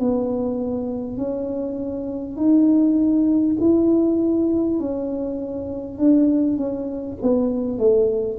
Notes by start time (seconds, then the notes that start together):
0.00 B3
1.18 C#4
2.37 D#4
3.61 E4
4.80 C#4
5.99 D4
6.57 C#4
7.23 B3
7.79 A3